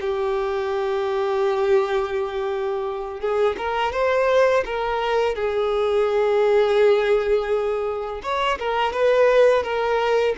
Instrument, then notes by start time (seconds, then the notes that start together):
violin
0.00 G4
3.20 G#4
3.57 A#4
3.92 C5
4.65 A#4
5.35 G#4
8.22 C#5
8.59 A#4
8.93 B4
9.63 A#4